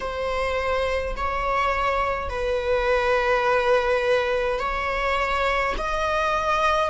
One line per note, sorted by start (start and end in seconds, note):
0.00 1.15 C5
1.16 2.29 C#5
2.29 4.58 B4
4.58 5.74 C#5
5.77 6.90 D#5